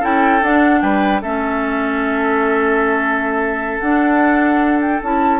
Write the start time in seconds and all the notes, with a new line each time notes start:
0.00 C#4 E4 A4 G5
0.42 D4 F#5
0.82 G3 B4 G5
1.21 A3 C#4 A4 E5
3.80 D4 F#5
4.81 G5
5.03 C#4 E4 A5